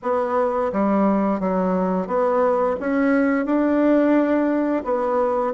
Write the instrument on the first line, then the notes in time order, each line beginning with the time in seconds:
bassoon
0.02 B3
0.72 G3
1.39 F#3
2.07 B3
2.80 C#4
3.45 D4
4.84 B3